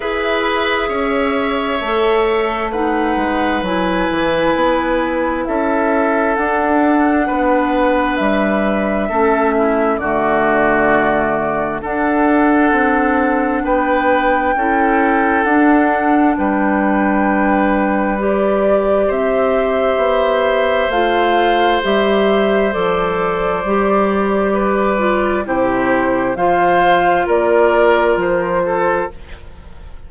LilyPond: <<
  \new Staff \with { instrumentName = "flute" } { \time 4/4 \tempo 4 = 66 e''2. fis''4 | gis''2 e''4 fis''4~ | fis''4 e''2 d''4~ | d''4 fis''2 g''4~ |
g''4 fis''4 g''2 | d''4 e''2 f''4 | e''4 d''2. | c''4 f''4 d''4 c''4 | }
  \new Staff \with { instrumentName = "oboe" } { \time 4/4 b'4 cis''2 b'4~ | b'2 a'2 | b'2 a'8 e'8 fis'4~ | fis'4 a'2 b'4 |
a'2 b'2~ | b'4 c''2.~ | c''2. b'4 | g'4 c''4 ais'4. a'8 | }
  \new Staff \with { instrumentName = "clarinet" } { \time 4/4 gis'2 a'4 dis'4 | e'2. d'4~ | d'2 cis'4 a4~ | a4 d'2. |
e'4 d'2. | g'2. f'4 | g'4 a'4 g'4. f'8 | e'4 f'2. | }
  \new Staff \with { instrumentName = "bassoon" } { \time 4/4 e'4 cis'4 a4. gis8 | fis8 e8 b4 cis'4 d'4 | b4 g4 a4 d4~ | d4 d'4 c'4 b4 |
cis'4 d'4 g2~ | g4 c'4 b4 a4 | g4 f4 g2 | c4 f4 ais4 f4 | }
>>